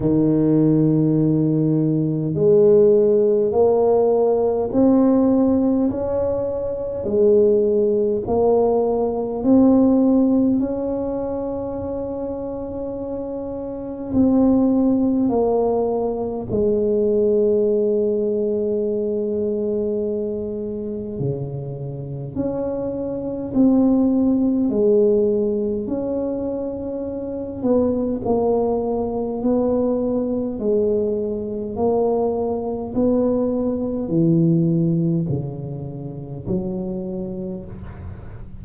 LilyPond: \new Staff \with { instrumentName = "tuba" } { \time 4/4 \tempo 4 = 51 dis2 gis4 ais4 | c'4 cis'4 gis4 ais4 | c'4 cis'2. | c'4 ais4 gis2~ |
gis2 cis4 cis'4 | c'4 gis4 cis'4. b8 | ais4 b4 gis4 ais4 | b4 e4 cis4 fis4 | }